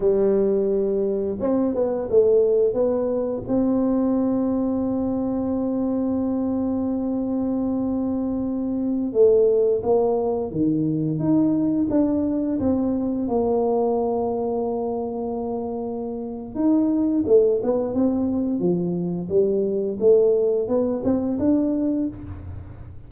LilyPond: \new Staff \with { instrumentName = "tuba" } { \time 4/4 \tempo 4 = 87 g2 c'8 b8 a4 | b4 c'2.~ | c'1~ | c'4~ c'16 a4 ais4 dis8.~ |
dis16 dis'4 d'4 c'4 ais8.~ | ais1 | dis'4 a8 b8 c'4 f4 | g4 a4 b8 c'8 d'4 | }